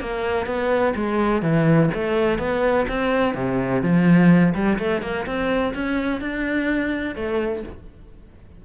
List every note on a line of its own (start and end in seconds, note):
0.00 0.46 A#3
0.46 0.94 B3
0.95 1.42 G#3
1.42 1.90 E3
1.94 2.38 A3
2.38 2.86 B3
2.88 3.34 C4
3.34 3.82 C3
3.82 4.53 F3
4.54 4.78 G3
4.78 5.01 A3
5.01 5.25 A#3
5.26 5.74 C4
5.74 6.21 C#4
6.21 7.15 D4
7.15 7.63 A3